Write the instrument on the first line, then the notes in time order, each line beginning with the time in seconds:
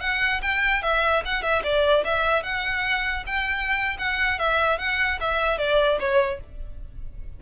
violin
0.00 F#5
0.41 G5
0.82 E5
1.25 F#5
1.42 E5
1.63 D5
2.04 E5
2.42 F#5
3.26 G5
3.98 F#5
4.39 E5
4.78 F#5
5.20 E5
5.57 D5
5.99 C#5